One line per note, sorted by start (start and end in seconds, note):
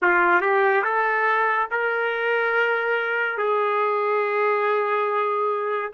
0.02 0.41 F4
0.41 0.83 G4
0.84 1.68 A4
1.71 3.37 A#4
3.37 5.91 G#4